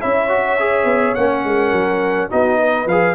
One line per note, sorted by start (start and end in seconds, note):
0.00 0.84 C#4
0.00 0.28 E4
0.00 1.43 C#5
0.00 1.14 E5
0.28 0.57 F#4
0.59 1.16 G#4
0.84 1.13 B3
1.14 1.44 A#3
1.14 2.29 C#4
1.14 2.28 F#5
1.44 1.72 G#3
1.44 2.30 A#4
1.72 2.29 F#3
2.29 2.86 B3
2.29 2.86 D#4
2.29 2.59 F#4
2.29 2.88 D#5
2.60 3.14 B4
2.86 3.14 F3
2.86 3.14 G#4
2.86 3.14 F5